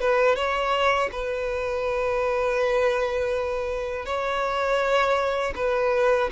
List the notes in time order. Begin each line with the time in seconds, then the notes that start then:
0.00 B4
0.35 C#5
1.12 B4
4.05 C#5
5.56 B4